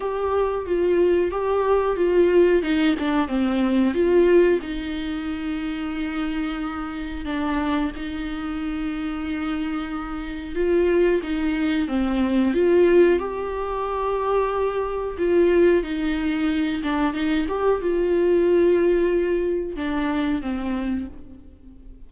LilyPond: \new Staff \with { instrumentName = "viola" } { \time 4/4 \tempo 4 = 91 g'4 f'4 g'4 f'4 | dis'8 d'8 c'4 f'4 dis'4~ | dis'2. d'4 | dis'1 |
f'4 dis'4 c'4 f'4 | g'2. f'4 | dis'4. d'8 dis'8 g'8 f'4~ | f'2 d'4 c'4 | }